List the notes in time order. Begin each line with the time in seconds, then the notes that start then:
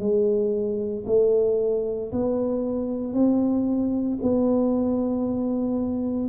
0.00 G#3
1.07 A3
2.12 B3
3.14 C4
4.22 B3